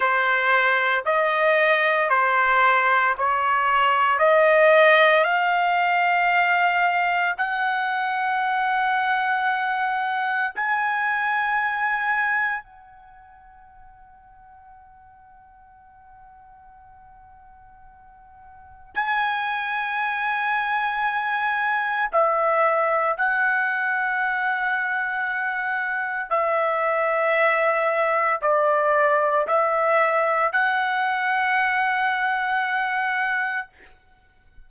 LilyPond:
\new Staff \with { instrumentName = "trumpet" } { \time 4/4 \tempo 4 = 57 c''4 dis''4 c''4 cis''4 | dis''4 f''2 fis''4~ | fis''2 gis''2 | fis''1~ |
fis''2 gis''2~ | gis''4 e''4 fis''2~ | fis''4 e''2 d''4 | e''4 fis''2. | }